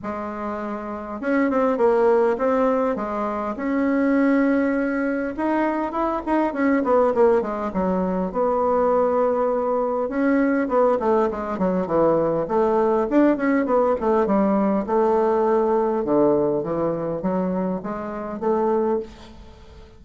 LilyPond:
\new Staff \with { instrumentName = "bassoon" } { \time 4/4 \tempo 4 = 101 gis2 cis'8 c'8 ais4 | c'4 gis4 cis'2~ | cis'4 dis'4 e'8 dis'8 cis'8 b8 | ais8 gis8 fis4 b2~ |
b4 cis'4 b8 a8 gis8 fis8 | e4 a4 d'8 cis'8 b8 a8 | g4 a2 d4 | e4 fis4 gis4 a4 | }